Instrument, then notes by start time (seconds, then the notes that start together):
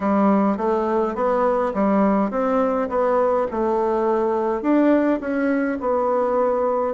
bassoon
0.00 G3
0.57 A3
1.15 B3
1.74 G3
2.31 C4
2.88 B3
3.51 A3
4.62 D4
5.20 C#4
5.80 B3